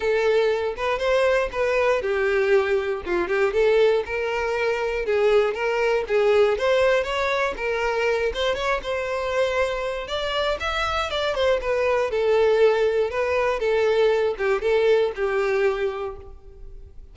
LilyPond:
\new Staff \with { instrumentName = "violin" } { \time 4/4 \tempo 4 = 119 a'4. b'8 c''4 b'4 | g'2 f'8 g'8 a'4 | ais'2 gis'4 ais'4 | gis'4 c''4 cis''4 ais'4~ |
ais'8 c''8 cis''8 c''2~ c''8 | d''4 e''4 d''8 c''8 b'4 | a'2 b'4 a'4~ | a'8 g'8 a'4 g'2 | }